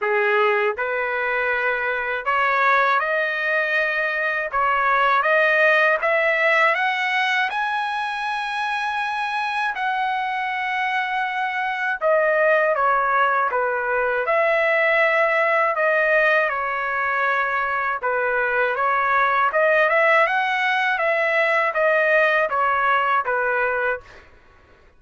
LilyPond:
\new Staff \with { instrumentName = "trumpet" } { \time 4/4 \tempo 4 = 80 gis'4 b'2 cis''4 | dis''2 cis''4 dis''4 | e''4 fis''4 gis''2~ | gis''4 fis''2. |
dis''4 cis''4 b'4 e''4~ | e''4 dis''4 cis''2 | b'4 cis''4 dis''8 e''8 fis''4 | e''4 dis''4 cis''4 b'4 | }